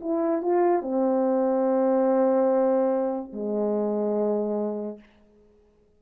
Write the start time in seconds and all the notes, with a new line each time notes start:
0.00 E4
0.42 F4
0.81 C4
3.32 G#3